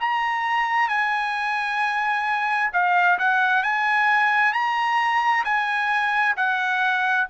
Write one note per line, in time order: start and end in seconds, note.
0.00 0.88 A#5
0.88 2.70 G#5
2.73 3.18 F5
3.18 3.63 F#5
3.63 4.53 G#5
4.53 5.44 A#5
5.45 6.36 G#5
6.36 7.27 F#5